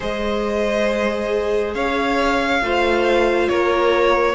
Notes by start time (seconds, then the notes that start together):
0.00 G#3 G#4 C5 D#5
1.74 C#4 C#5 F5
2.61 A3 F4 C5
3.48 A#3 A#4 C#5